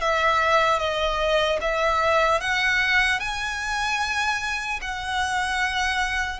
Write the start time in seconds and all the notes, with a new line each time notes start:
0.00 E5
0.79 D#5
1.61 E5
2.40 F#5
3.20 G#5
4.81 F#5